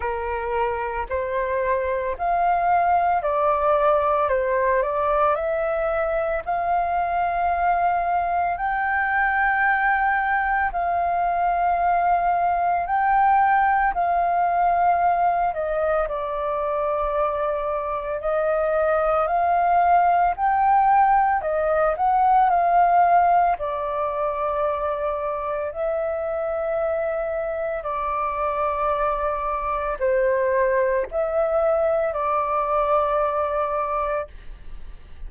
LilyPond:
\new Staff \with { instrumentName = "flute" } { \time 4/4 \tempo 4 = 56 ais'4 c''4 f''4 d''4 | c''8 d''8 e''4 f''2 | g''2 f''2 | g''4 f''4. dis''8 d''4~ |
d''4 dis''4 f''4 g''4 | dis''8 fis''8 f''4 d''2 | e''2 d''2 | c''4 e''4 d''2 | }